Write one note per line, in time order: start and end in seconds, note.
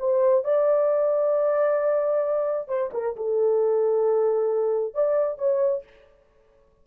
0.00 0.44 C5
0.44 2.69 D5
2.69 2.91 C5
2.94 3.16 A#4
3.17 4.95 A4
4.95 5.38 D5
5.38 5.84 C#5